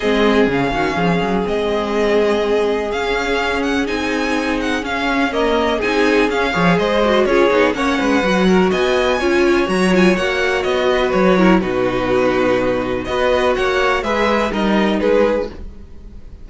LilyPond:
<<
  \new Staff \with { instrumentName = "violin" } { \time 4/4 \tempo 4 = 124 dis''4 f''2 dis''4~ | dis''2 f''4. fis''8 | gis''4. fis''8 f''4 dis''4 | gis''4 f''4 dis''4 cis''4 |
fis''2 gis''2 | ais''8 gis''8 fis''4 dis''4 cis''4 | b'2. dis''4 | fis''4 e''4 dis''4 b'4 | }
  \new Staff \with { instrumentName = "violin" } { \time 4/4 gis'4. fis'8 gis'2~ | gis'1~ | gis'2. ais'4 | gis'4. cis''8 c''4 gis'4 |
cis''8 b'4 ais'8 dis''4 cis''4~ | cis''2~ cis''8 b'4 ais'8 | fis'2. b'4 | cis''4 b'4 ais'4 gis'4 | }
  \new Staff \with { instrumentName = "viola" } { \time 4/4 c'4 cis'2 c'4~ | c'2 cis'2 | dis'2 cis'4 ais4 | dis'4 cis'8 gis'4 fis'8 f'8 dis'8 |
cis'4 fis'2 f'4 | fis'8 f'8 fis'2~ fis'8 e'8 | dis'2. fis'4~ | fis'4 gis'4 dis'2 | }
  \new Staff \with { instrumentName = "cello" } { \time 4/4 gis4 cis8 dis8 f8 fis8 gis4~ | gis2 cis'2 | c'2 cis'2 | c'4 cis'8 f8 gis4 cis'8 b8 |
ais8 gis8 fis4 b4 cis'4 | fis4 ais4 b4 fis4 | b,2. b4 | ais4 gis4 g4 gis4 | }
>>